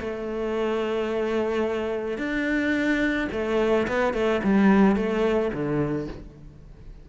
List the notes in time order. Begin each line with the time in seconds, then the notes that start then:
0.00 A3
2.18 D4
3.32 A3
3.88 B3
4.14 A3
4.44 G3
4.96 A3
5.53 D3